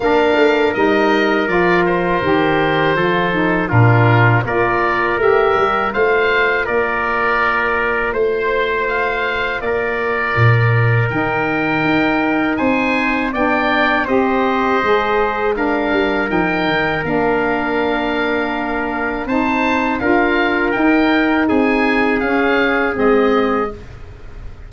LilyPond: <<
  \new Staff \with { instrumentName = "oboe" } { \time 4/4 \tempo 4 = 81 f''4 dis''4 d''8 c''4.~ | c''4 ais'4 d''4 e''4 | f''4 d''2 c''4 | f''4 d''2 g''4~ |
g''4 gis''4 g''4 dis''4~ | dis''4 f''4 g''4 f''4~ | f''2 a''4 f''4 | g''4 gis''4 f''4 dis''4 | }
  \new Staff \with { instrumentName = "trumpet" } { \time 4/4 ais'1 | a'4 f'4 ais'2 | c''4 ais'2 c''4~ | c''4 ais'2.~ |
ais'4 c''4 d''4 c''4~ | c''4 ais'2.~ | ais'2 c''4 ais'4~ | ais'4 gis'2. | }
  \new Staff \with { instrumentName = "saxophone" } { \time 4/4 d'4 dis'4 f'4 g'4 | f'8 dis'8 d'4 f'4 g'4 | f'1~ | f'2. dis'4~ |
dis'2 d'4 g'4 | gis'4 d'4 dis'4 d'4~ | d'2 dis'4 f'4 | dis'2 cis'4 c'4 | }
  \new Staff \with { instrumentName = "tuba" } { \time 4/4 ais8 a8 g4 f4 dis4 | f4 ais,4 ais4 a8 g8 | a4 ais2 a4~ | a4 ais4 ais,4 dis4 |
dis'4 c'4 b4 c'4 | gis4. g8 f8 dis8 ais4~ | ais2 c'4 d'4 | dis'4 c'4 cis'4 gis4 | }
>>